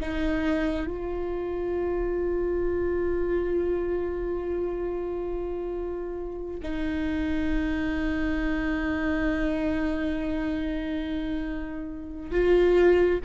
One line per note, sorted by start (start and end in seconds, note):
0.00 0.87 D#4
0.87 6.60 F4
6.63 12.31 D#4
12.31 13.19 F4